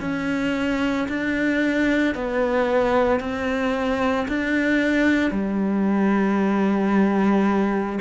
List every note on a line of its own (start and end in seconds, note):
0.00 1.07 C#4
1.08 2.15 D4
2.15 3.19 B3
3.19 4.27 C4
4.28 5.31 D4
5.31 7.99 G3